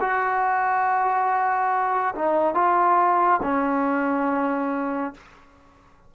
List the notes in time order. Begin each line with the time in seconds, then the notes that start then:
0.00 F#4
2.15 D#4
2.54 F4
3.42 C#4